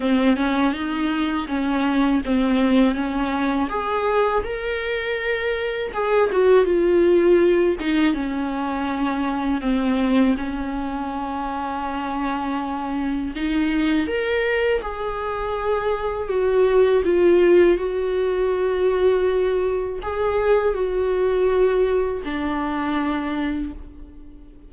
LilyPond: \new Staff \with { instrumentName = "viola" } { \time 4/4 \tempo 4 = 81 c'8 cis'8 dis'4 cis'4 c'4 | cis'4 gis'4 ais'2 | gis'8 fis'8 f'4. dis'8 cis'4~ | cis'4 c'4 cis'2~ |
cis'2 dis'4 ais'4 | gis'2 fis'4 f'4 | fis'2. gis'4 | fis'2 d'2 | }